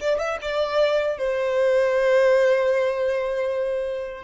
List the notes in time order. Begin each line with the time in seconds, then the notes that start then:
0.00 D5
0.19 E5
0.41 D5
1.18 C5